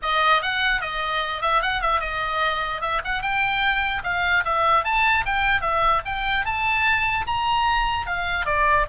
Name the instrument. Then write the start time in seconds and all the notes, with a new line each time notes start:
oboe
0.02 D#5
0.42 F#5
0.81 D#5
1.41 E5
1.61 F#5
1.81 E5
2.00 D#5
2.81 E5
3.04 F#5
3.22 G5
4.03 F5
4.44 E5
4.84 A5
5.25 G5
5.61 E5
6.05 G5
6.45 A5
7.26 A#5
8.06 F5
8.45 D5